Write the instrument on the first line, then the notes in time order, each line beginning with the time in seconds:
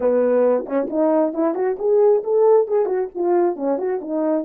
horn
0.00 B3
0.65 C#4
0.90 D#4
1.33 E4
1.54 F#4
1.78 G#4
2.23 A4
2.67 G#4
2.85 F#4
3.14 F4
3.56 C#4
3.78 F#4
4.01 D#4